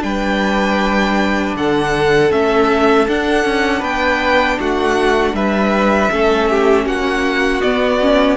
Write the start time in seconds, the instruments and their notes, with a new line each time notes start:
0.00 cello G3, viola D4, violin B4 G5
1.55 cello D3, violin A4 F#5
2.31 cello A3, viola C#4, violin E5
3.08 viola D4, cello D4, violin F#5
3.44 cello C#4
3.79 cello B3, violin B4 G5
4.60 cello A3, violin F#4 F#5
5.33 cello G3, violin B4 E5
6.11 cello A3, viola C#4, violin A4
6.50 violin G4
6.86 cello A#3, violin F#4 F#5
7.61 viola B3, cello B3, violin D5
8.01 viola C#4